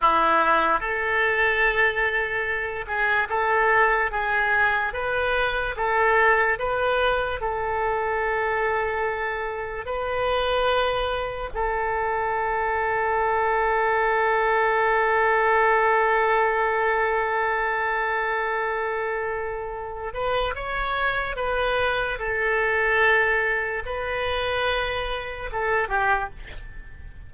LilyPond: \new Staff \with { instrumentName = "oboe" } { \time 4/4 \tempo 4 = 73 e'4 a'2~ a'8 gis'8 | a'4 gis'4 b'4 a'4 | b'4 a'2. | b'2 a'2~ |
a'1~ | a'1~ | a'8 b'8 cis''4 b'4 a'4~ | a'4 b'2 a'8 g'8 | }